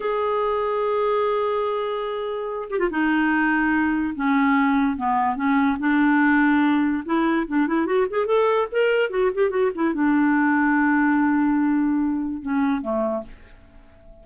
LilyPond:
\new Staff \with { instrumentName = "clarinet" } { \time 4/4 \tempo 4 = 145 gis'1~ | gis'2~ gis'8 g'16 f'16 dis'4~ | dis'2 cis'2 | b4 cis'4 d'2~ |
d'4 e'4 d'8 e'8 fis'8 gis'8 | a'4 ais'4 fis'8 g'8 fis'8 e'8 | d'1~ | d'2 cis'4 a4 | }